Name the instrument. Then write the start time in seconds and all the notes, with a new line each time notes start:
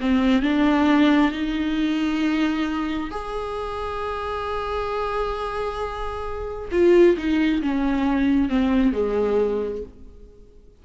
viola
0.00 C4
0.42 D4
1.31 D#4
3.10 G#4
6.71 F4
7.17 D#4
7.61 C#4
8.49 C4
8.92 G#3